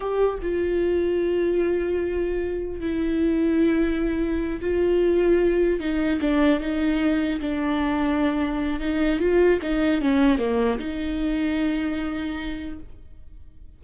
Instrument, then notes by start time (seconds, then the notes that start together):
viola
0.00 G4
0.41 F4
2.80 E4
4.60 F4
5.80 D#4
6.21 D4
6.60 D#4
7.40 D4
8.80 D#4
9.19 F4
9.61 D#4
10.01 C#4
10.38 A#3
10.78 D#4